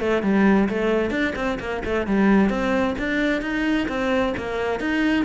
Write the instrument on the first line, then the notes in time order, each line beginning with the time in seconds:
cello
0.00 A3
0.23 G3
0.69 A3
1.11 D4
1.36 C4
1.60 A#3
1.85 A3
2.07 G3
2.50 C4
2.99 D4
3.42 D#4
3.88 C4
4.37 A#3
4.80 D#4